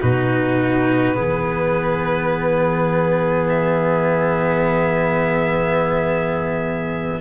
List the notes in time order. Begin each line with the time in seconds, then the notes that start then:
0.00 B2 D#4 F#4 B4
1.15 E3 B3 G#4
3.49 E5